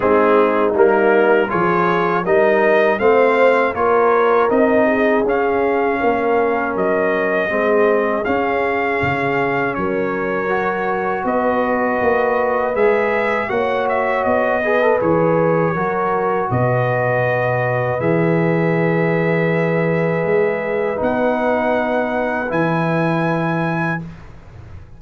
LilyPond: <<
  \new Staff \with { instrumentName = "trumpet" } { \time 4/4 \tempo 4 = 80 gis'4 ais'4 cis''4 dis''4 | f''4 cis''4 dis''4 f''4~ | f''4 dis''2 f''4~ | f''4 cis''2 dis''4~ |
dis''4 e''4 fis''8 e''8 dis''4 | cis''2 dis''2 | e''1 | fis''2 gis''2 | }
  \new Staff \with { instrumentName = "horn" } { \time 4/4 dis'2 gis'4 ais'4 | c''4 ais'4. gis'4. | ais'2 gis'2~ | gis'4 ais'2 b'4~ |
b'2 cis''4. b'8~ | b'4 ais'4 b'2~ | b'1~ | b'1 | }
  \new Staff \with { instrumentName = "trombone" } { \time 4/4 c'4 ais4 f'4 dis'4 | c'4 f'4 dis'4 cis'4~ | cis'2 c'4 cis'4~ | cis'2 fis'2~ |
fis'4 gis'4 fis'4. gis'16 a'16 | gis'4 fis'2. | gis'1 | dis'2 e'2 | }
  \new Staff \with { instrumentName = "tuba" } { \time 4/4 gis4 g4 f4 g4 | a4 ais4 c'4 cis'4 | ais4 fis4 gis4 cis'4 | cis4 fis2 b4 |
ais4 gis4 ais4 b4 | e4 fis4 b,2 | e2. gis4 | b2 e2 | }
>>